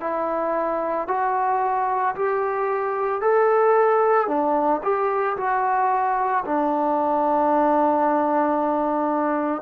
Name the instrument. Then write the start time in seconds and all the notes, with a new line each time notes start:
trombone
0.00 E4
1.07 F#4
2.15 G4
3.21 A4
4.27 D4
4.82 G4
5.36 F#4
6.45 D4